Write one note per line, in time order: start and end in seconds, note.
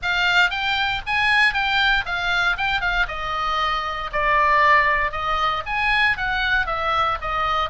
0.02 0.50 F5
0.50 1.01 G5
1.06 1.53 G#5
1.53 2.04 G5
2.05 2.56 F5
2.57 2.80 G5
2.80 3.06 F5
3.08 4.10 D#5
4.12 5.11 D5
5.11 5.63 D#5
5.65 6.17 G#5
6.17 6.66 F#5
6.66 7.17 E5
7.21 7.69 D#5